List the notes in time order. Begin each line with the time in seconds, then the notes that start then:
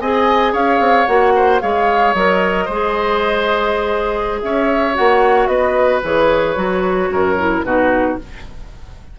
0.00 C4 G#4 D#5 G#5
0.53 C#4 C#5 F5
0.79 C4
1.06 A#3 F#4 F#5
1.35 C5
1.60 G#3 G#4 C#5 F5
2.14 F#3 A#4 D#5
2.65 G#3 C5
2.72 G#4
4.42 C#4 C#5 E5
4.94 A#3 F#4 F#5
5.47 B3 B4 D#5
6.03 E3 G#4 C#5
6.55 F#3 F#4
7.09 F#2 A#4
7.39 E4
7.63 B2 D#4 F#4 B4